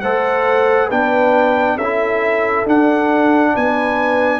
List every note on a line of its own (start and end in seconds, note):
0.00 0.91 A3
0.00 0.90 A4
0.00 0.87 C5
0.00 0.88 F#5
0.87 1.76 B3
0.87 1.79 D4
0.87 1.75 B4
0.87 1.77 G5
1.76 2.64 C#4
1.76 3.53 A4
1.76 2.66 E5
1.83 2.66 E4
2.65 3.54 D4
2.65 4.40 D4
2.65 3.56 F#5
3.53 4.40 B3
3.53 4.40 B4
3.53 4.40 G#5